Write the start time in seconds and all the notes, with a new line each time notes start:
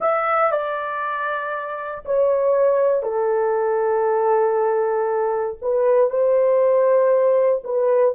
0.00 E5
0.51 D5
2.05 C#5
3.02 A4
5.61 B4
6.10 C5
7.64 B4